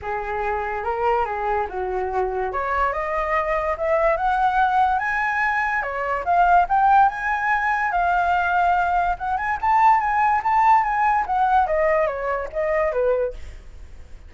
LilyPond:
\new Staff \with { instrumentName = "flute" } { \time 4/4 \tempo 4 = 144 gis'2 ais'4 gis'4 | fis'2 cis''4 dis''4~ | dis''4 e''4 fis''2 | gis''2 cis''4 f''4 |
g''4 gis''2 f''4~ | f''2 fis''8 gis''8 a''4 | gis''4 a''4 gis''4 fis''4 | dis''4 cis''4 dis''4 b'4 | }